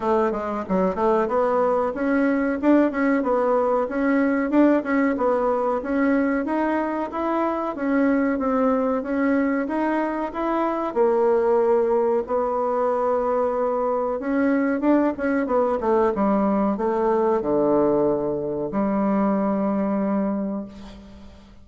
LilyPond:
\new Staff \with { instrumentName = "bassoon" } { \time 4/4 \tempo 4 = 93 a8 gis8 fis8 a8 b4 cis'4 | d'8 cis'8 b4 cis'4 d'8 cis'8 | b4 cis'4 dis'4 e'4 | cis'4 c'4 cis'4 dis'4 |
e'4 ais2 b4~ | b2 cis'4 d'8 cis'8 | b8 a8 g4 a4 d4~ | d4 g2. | }